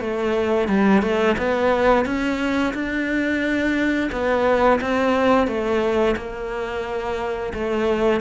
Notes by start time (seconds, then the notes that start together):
0.00 A3
0.68 G3
1.02 A3
1.37 B3
2.05 C#4
2.74 D4
4.11 B3
4.81 C4
5.47 A3
6.16 A#3
7.53 A3